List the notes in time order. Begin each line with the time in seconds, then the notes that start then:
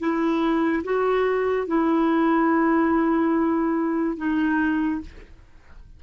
0.00 E4
0.84 F#4
1.68 E4
4.18 D#4